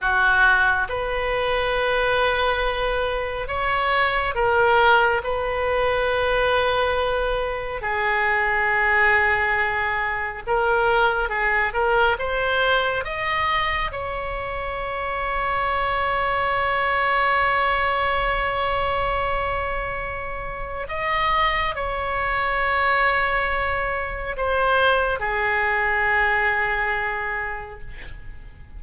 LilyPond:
\new Staff \with { instrumentName = "oboe" } { \time 4/4 \tempo 4 = 69 fis'4 b'2. | cis''4 ais'4 b'2~ | b'4 gis'2. | ais'4 gis'8 ais'8 c''4 dis''4 |
cis''1~ | cis''1 | dis''4 cis''2. | c''4 gis'2. | }